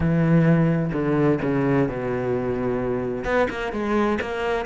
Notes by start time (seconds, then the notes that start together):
0.00 E3
0.92 D3
1.42 C#3
1.88 B2
3.24 B3
3.49 A#3
3.72 G#3
4.21 A#3